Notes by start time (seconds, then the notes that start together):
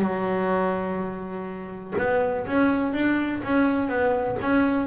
0.00 F#3
1.98 B3
2.47 C#4
2.93 D4
3.43 C#4
3.88 B3
4.41 C#4